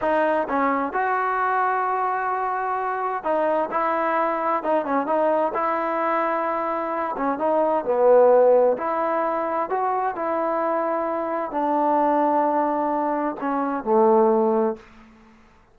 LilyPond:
\new Staff \with { instrumentName = "trombone" } { \time 4/4 \tempo 4 = 130 dis'4 cis'4 fis'2~ | fis'2. dis'4 | e'2 dis'8 cis'8 dis'4 | e'2.~ e'8 cis'8 |
dis'4 b2 e'4~ | e'4 fis'4 e'2~ | e'4 d'2.~ | d'4 cis'4 a2 | }